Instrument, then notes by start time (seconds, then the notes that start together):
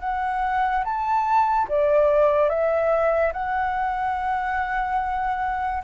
flute
0.00 F#5
0.84 A5
1.68 D5
2.48 E5
3.32 F#5